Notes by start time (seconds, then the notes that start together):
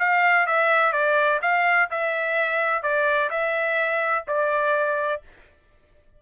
0.00 F5
0.47 E5
0.93 D5
1.42 F5
1.91 E5
2.83 D5
3.31 E5
4.28 D5